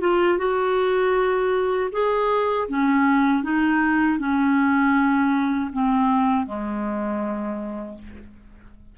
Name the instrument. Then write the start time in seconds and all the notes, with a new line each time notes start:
clarinet
0.00 F4
0.38 F#4
1.92 G#4
2.68 C#4
3.43 D#4
4.19 C#4
5.73 C4
6.46 G#3